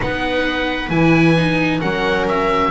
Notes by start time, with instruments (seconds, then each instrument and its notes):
0.00 double bass B3, viola D#4 B4, oboe F#5
0.89 double bass E3, viola E4, oboe G#5
1.36 viola D#4
1.80 double bass F#3, viola C#4 A#4, oboe F#5
2.28 oboe E5